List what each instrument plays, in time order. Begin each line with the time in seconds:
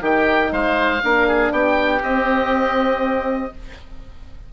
0.00 bassoon D#3, horn D#4, oboe G4 G5
0.52 bassoon G#3, oboe C5 F5
1.03 bassoon A#3, horn D4, oboe A#4
1.28 oboe G#4
1.52 bassoon B3, oboe G4 G5
2.03 horn C4, bassoon C4, oboe D#5